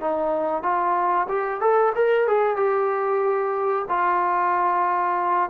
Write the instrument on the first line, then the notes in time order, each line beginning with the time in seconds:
trombone
0.00 D#4
0.63 F4
1.28 G4
1.60 A4
1.95 A#4
2.27 G#4
2.56 G4
3.89 F4